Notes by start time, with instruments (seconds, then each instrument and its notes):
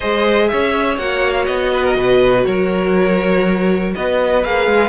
0.00 cello G#3, viola G#4, violin C5 D#5
0.48 cello C#4, violin C#5 E5
0.98 cello A#3, viola F#4, violin F#5
1.32 violin F5
1.45 cello B3, violin D#5
1.72 violin B4
1.83 violin A#4
1.95 cello B2, violin B4
2.45 cello F#3, violin A#4 C#5
3.95 cello B3, violin B4 D#5
4.43 cello A#3, viola G#4, violin F5
4.66 cello G#3